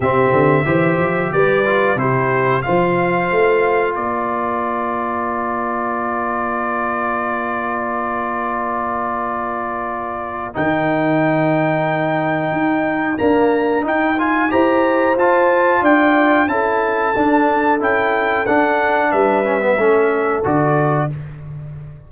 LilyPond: <<
  \new Staff \with { instrumentName = "trumpet" } { \time 4/4 \tempo 4 = 91 e''2 d''4 c''4 | f''2 d''2~ | d''1~ | d''1 |
g''1 | ais''4 g''8 gis''8 ais''4 a''4 | g''4 a''2 g''4 | fis''4 e''2 d''4 | }
  \new Staff \with { instrumentName = "horn" } { \time 4/4 g'4 c''4 b'4 g'4 | c''2 ais'2~ | ais'1~ | ais'1~ |
ais'1~ | ais'2 c''2 | d''4 a'2.~ | a'4 b'4 a'2 | }
  \new Staff \with { instrumentName = "trombone" } { \time 4/4 c'4 g'4. f'8 e'4 | f'1~ | f'1~ | f'1 |
dis'1 | ais4 dis'8 f'8 g'4 f'4~ | f'4 e'4 d'4 e'4 | d'4. cis'16 b16 cis'4 fis'4 | }
  \new Staff \with { instrumentName = "tuba" } { \time 4/4 c8 d8 e8 f8 g4 c4 | f4 a4 ais2~ | ais1~ | ais1 |
dis2. dis'4 | d'4 dis'4 e'4 f'4 | d'4 cis'4 d'4 cis'4 | d'4 g4 a4 d4 | }
>>